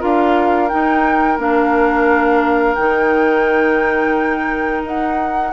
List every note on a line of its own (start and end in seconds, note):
0.00 0.72 D4
0.00 0.69 F4
0.00 5.52 A#4
0.00 0.69 F5
0.69 1.39 D#4
0.69 1.38 D#4
0.69 1.38 G5
1.38 2.76 A#3
1.38 2.77 D4
1.38 2.75 F5
2.75 4.84 D#3
2.75 5.53 D#4
2.75 4.82 G5
4.84 5.53 D#4
4.84 5.53 F#5